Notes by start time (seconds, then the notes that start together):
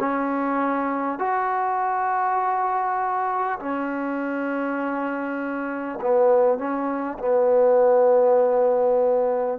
0.00 C#4
1.19 F#4
3.60 C#4
6.01 B3
6.58 C#4
7.19 B3